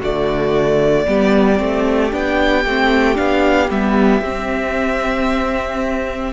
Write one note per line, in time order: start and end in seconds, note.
0.00 1.06 D3
0.00 1.07 A3
0.00 1.05 F#4
0.00 2.13 D5
1.07 1.60 G3
1.07 1.57 B3
1.07 6.32 G4
1.57 2.12 A3
1.57 2.10 C4
2.11 2.65 B3
2.11 2.64 D4
2.11 3.17 G5
2.65 3.18 A3
2.65 3.15 C4
3.15 3.70 B3
3.15 3.68 D4
3.15 3.70 F5
3.70 4.21 G3
3.70 4.23 B3
3.70 6.32 E5
4.21 6.32 C4